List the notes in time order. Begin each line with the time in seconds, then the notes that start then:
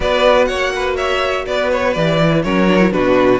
0.00 B3 F#4 B4 D5
0.45 A#3 C#5 F#5
0.75 B4
0.96 C#5 E5
1.45 B3 B4 D5
1.71 C#5
1.93 E3 G4 D5
2.18 E4
2.43 F#3 C#4 A#4 C#5
2.67 D4
2.80 E4
2.90 B2 D4 F#4 B4